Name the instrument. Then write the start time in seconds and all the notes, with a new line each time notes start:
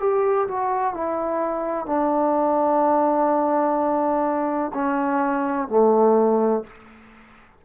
trombone
0.00 G4
0.48 F#4
0.94 E4
1.86 D4
4.74 C#4
5.68 A3